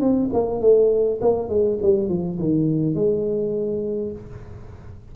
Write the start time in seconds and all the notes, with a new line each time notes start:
0.00 C4
0.33 A#3
0.60 A3
1.21 A#3
1.49 G#3
1.82 G3
2.09 F3
2.38 D#3
2.94 G#3